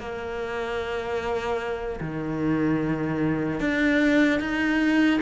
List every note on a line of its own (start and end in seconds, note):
0.00 2.00 A#3
2.01 3.60 D#3
3.60 4.40 D4
4.40 5.20 D#4